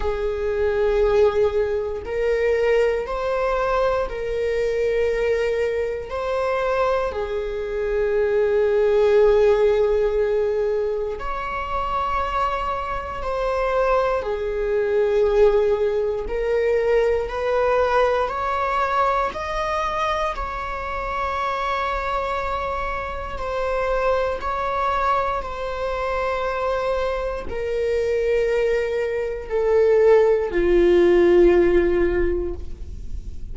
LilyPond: \new Staff \with { instrumentName = "viola" } { \time 4/4 \tempo 4 = 59 gis'2 ais'4 c''4 | ais'2 c''4 gis'4~ | gis'2. cis''4~ | cis''4 c''4 gis'2 |
ais'4 b'4 cis''4 dis''4 | cis''2. c''4 | cis''4 c''2 ais'4~ | ais'4 a'4 f'2 | }